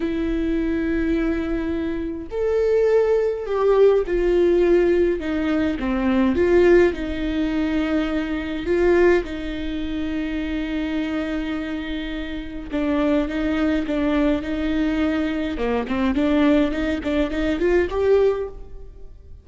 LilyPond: \new Staff \with { instrumentName = "viola" } { \time 4/4 \tempo 4 = 104 e'1 | a'2 g'4 f'4~ | f'4 dis'4 c'4 f'4 | dis'2. f'4 |
dis'1~ | dis'2 d'4 dis'4 | d'4 dis'2 ais8 c'8 | d'4 dis'8 d'8 dis'8 f'8 g'4 | }